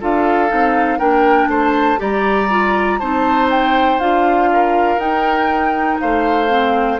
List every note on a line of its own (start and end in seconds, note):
0.00 0.51 D4
0.00 0.48 F4
0.00 0.98 A4
0.00 0.99 F5
0.48 0.99 C4
0.48 0.98 D#4
0.98 1.47 A#3
0.98 1.97 D4
0.98 1.48 A#4
0.98 1.49 G5
1.47 1.97 A3
1.47 1.99 C5
1.47 2.01 A5
1.97 3.00 G3
1.97 2.47 G4
1.97 2.99 D5
1.97 2.99 A#5
2.50 3.00 F4
2.99 4.00 C4
2.99 4.00 D#4
2.99 4.49 C5
2.99 3.49 A5
3.50 3.99 G5
3.99 4.96 D4
3.99 4.99 F4
3.99 4.99 F5
4.52 6.01 A#4
4.96 5.96 D#4
4.96 6.48 D#4
4.96 5.99 G5
6.00 6.99 A3
6.00 6.99 C5
6.00 6.99 F5
6.48 6.98 C4